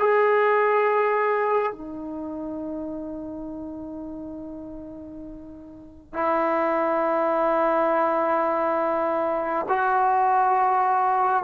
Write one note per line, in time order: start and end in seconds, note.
0.00 1.73 G#4
1.73 6.14 D#4
6.14 9.67 E4
9.69 11.44 F#4